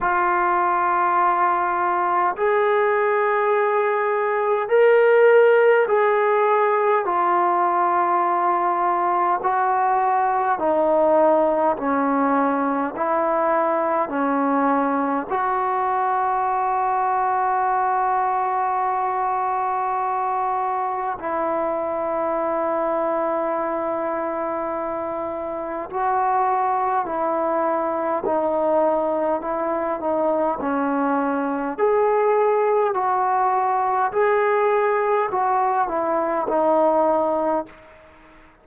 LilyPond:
\new Staff \with { instrumentName = "trombone" } { \time 4/4 \tempo 4 = 51 f'2 gis'2 | ais'4 gis'4 f'2 | fis'4 dis'4 cis'4 e'4 | cis'4 fis'2.~ |
fis'2 e'2~ | e'2 fis'4 e'4 | dis'4 e'8 dis'8 cis'4 gis'4 | fis'4 gis'4 fis'8 e'8 dis'4 | }